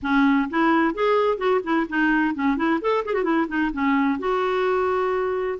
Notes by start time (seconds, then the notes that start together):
0.02 C#4
0.49 E4
0.94 G#4
1.37 F#4
1.63 E4
1.89 D#4
2.34 C#4
2.56 E4
2.81 A4
3.05 G#4
3.13 F#4
3.23 E4
3.48 D#4
3.73 C#4
4.19 F#4